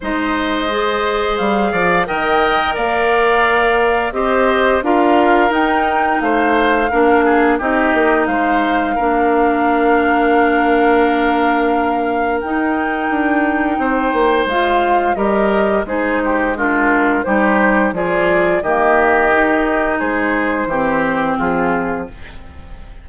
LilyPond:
<<
  \new Staff \with { instrumentName = "flute" } { \time 4/4 \tempo 4 = 87 dis''2 f''4 g''4 | f''2 dis''4 f''4 | g''4 f''2 dis''4 | f''1~ |
f''2 g''2~ | g''4 f''4 dis''4 c''4 | ais'4 c''4 d''4 dis''4~ | dis''4 c''2 gis'4 | }
  \new Staff \with { instrumentName = "oboe" } { \time 4/4 c''2~ c''8 d''8 dis''4 | d''2 c''4 ais'4~ | ais'4 c''4 ais'8 gis'8 g'4 | c''4 ais'2.~ |
ais'1 | c''2 ais'4 gis'8 g'8 | f'4 g'4 gis'4 g'4~ | g'4 gis'4 g'4 f'4 | }
  \new Staff \with { instrumentName = "clarinet" } { \time 4/4 dis'4 gis'2 ais'4~ | ais'2 g'4 f'4 | dis'2 d'4 dis'4~ | dis'4 d'2.~ |
d'2 dis'2~ | dis'4 f'4 g'4 dis'4 | d'4 dis'4 f'4 ais4 | dis'2 c'2 | }
  \new Staff \with { instrumentName = "bassoon" } { \time 4/4 gis2 g8 f8 dis4 | ais2 c'4 d'4 | dis'4 a4 ais4 c'8 ais8 | gis4 ais2.~ |
ais2 dis'4 d'4 | c'8 ais8 gis4 g4 gis4~ | gis4 g4 f4 dis4~ | dis4 gis4 e4 f4 | }
>>